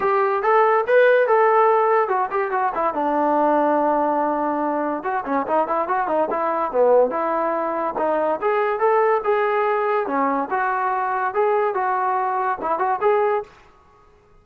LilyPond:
\new Staff \with { instrumentName = "trombone" } { \time 4/4 \tempo 4 = 143 g'4 a'4 b'4 a'4~ | a'4 fis'8 g'8 fis'8 e'8 d'4~ | d'1 | fis'8 cis'8 dis'8 e'8 fis'8 dis'8 e'4 |
b4 e'2 dis'4 | gis'4 a'4 gis'2 | cis'4 fis'2 gis'4 | fis'2 e'8 fis'8 gis'4 | }